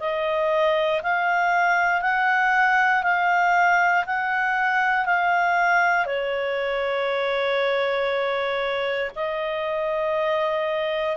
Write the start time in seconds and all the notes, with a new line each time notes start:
0.00 D#5
1.03 F5
2.02 F#5
3.03 F5
4.07 F#5
5.06 F5
6.06 C#5
9.16 D#5